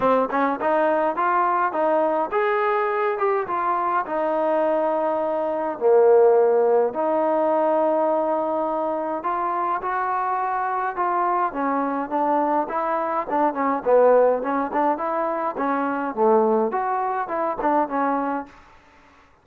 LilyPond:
\new Staff \with { instrumentName = "trombone" } { \time 4/4 \tempo 4 = 104 c'8 cis'8 dis'4 f'4 dis'4 | gis'4. g'8 f'4 dis'4~ | dis'2 ais2 | dis'1 |
f'4 fis'2 f'4 | cis'4 d'4 e'4 d'8 cis'8 | b4 cis'8 d'8 e'4 cis'4 | a4 fis'4 e'8 d'8 cis'4 | }